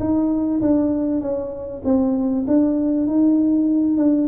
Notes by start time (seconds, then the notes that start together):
0.00 D#4
0.62 D4
1.21 C#4
1.85 C4
2.48 D4
3.07 D#4
3.98 D4